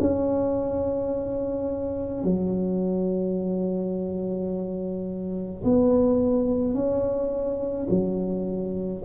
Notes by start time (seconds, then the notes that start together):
0.00 C#4
2.23 F#3
5.63 B3
6.74 C#4
7.89 F#3